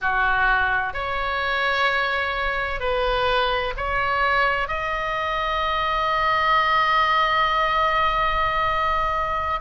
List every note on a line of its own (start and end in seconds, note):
0.01 0.93 F#4
0.93 2.80 C#5
2.80 3.73 B4
3.76 4.67 C#5
4.67 9.60 D#5